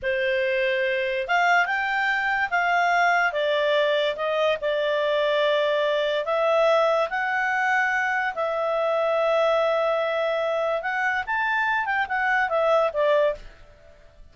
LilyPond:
\new Staff \with { instrumentName = "clarinet" } { \time 4/4 \tempo 4 = 144 c''2. f''4 | g''2 f''2 | d''2 dis''4 d''4~ | d''2. e''4~ |
e''4 fis''2. | e''1~ | e''2 fis''4 a''4~ | a''8 g''8 fis''4 e''4 d''4 | }